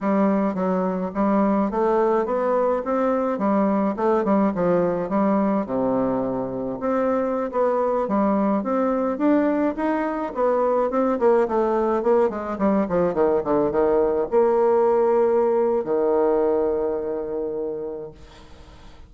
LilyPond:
\new Staff \with { instrumentName = "bassoon" } { \time 4/4 \tempo 4 = 106 g4 fis4 g4 a4 | b4 c'4 g4 a8 g8 | f4 g4 c2 | c'4~ c'16 b4 g4 c'8.~ |
c'16 d'4 dis'4 b4 c'8 ais16~ | ais16 a4 ais8 gis8 g8 f8 dis8 d16~ | d16 dis4 ais2~ ais8. | dis1 | }